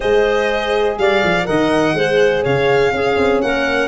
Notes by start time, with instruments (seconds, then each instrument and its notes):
0.00 tuba G#3, horn G#4, clarinet C5, violin D#5
0.98 tuba G3, clarinet D5, violin F5
1.23 tuba F3
1.44 tuba D#3, horn A#4, clarinet D#5, violin F#5
1.93 tuba G#3, horn G#4, clarinet C5
2.43 tuba C#3, clarinet C#5, violin F5
2.91 tuba C#4, horn C#4, clarinet G#4
3.17 tuba C4
3.41 tuba A#3, clarinet A#4, violin F#5